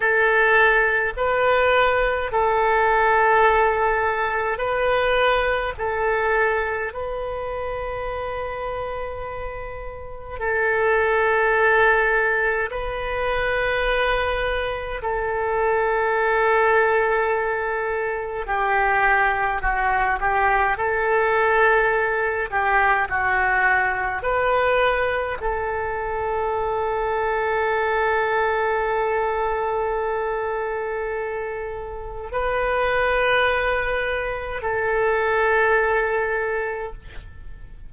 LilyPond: \new Staff \with { instrumentName = "oboe" } { \time 4/4 \tempo 4 = 52 a'4 b'4 a'2 | b'4 a'4 b'2~ | b'4 a'2 b'4~ | b'4 a'2. |
g'4 fis'8 g'8 a'4. g'8 | fis'4 b'4 a'2~ | a'1 | b'2 a'2 | }